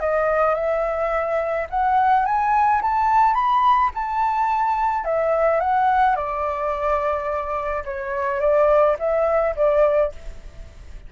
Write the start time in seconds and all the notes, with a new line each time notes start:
0.00 D#5
0.55 E5
1.70 F#5
2.26 G#5
2.82 A5
3.34 B5
3.95 A5
5.05 E5
5.61 F#5
6.16 D5
7.85 C#5
8.40 D5
8.99 E5
9.56 D5